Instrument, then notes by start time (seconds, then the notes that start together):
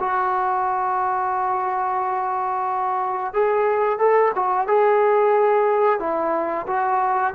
trombone
0.00 F#4
3.34 G#4
3.99 A4
4.35 F#4
4.68 G#4
6.00 E4
6.67 F#4